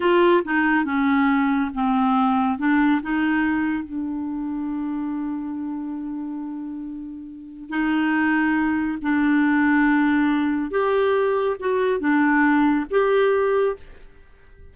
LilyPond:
\new Staff \with { instrumentName = "clarinet" } { \time 4/4 \tempo 4 = 140 f'4 dis'4 cis'2 | c'2 d'4 dis'4~ | dis'4 d'2.~ | d'1~ |
d'2 dis'2~ | dis'4 d'2.~ | d'4 g'2 fis'4 | d'2 g'2 | }